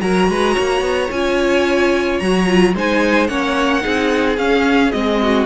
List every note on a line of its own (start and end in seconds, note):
0.00 0.28 F#3
0.00 1.09 F#4
0.00 0.30 A#4
0.00 1.09 A#5
0.28 0.55 G#3
0.28 0.53 B4
0.53 0.81 A#3
0.53 2.72 C#5
0.81 1.08 B3
1.11 2.20 C#4
1.11 2.22 F4
1.11 2.18 G#5
2.18 2.74 F#3
2.18 2.46 F#4
2.18 2.73 A#5
2.46 2.73 F4
2.74 3.29 G#3
2.74 3.28 D#4
2.74 3.29 C5
2.74 3.27 G#5
3.27 3.83 A#3
3.27 3.80 C#4
3.27 3.82 C#5
3.27 4.36 F#5
3.80 4.37 C4
3.80 4.35 D#4
3.80 5.19 G#4
4.37 4.92 C#4
4.37 4.91 C#4
4.37 4.91 F5
4.91 5.46 G#3
4.91 5.46 C4
4.91 5.46 D#5
5.22 5.46 F#4